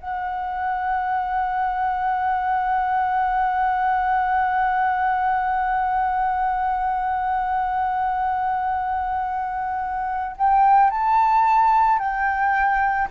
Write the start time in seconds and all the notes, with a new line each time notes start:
0.00 F#5
10.37 G5
10.90 A5
11.99 G5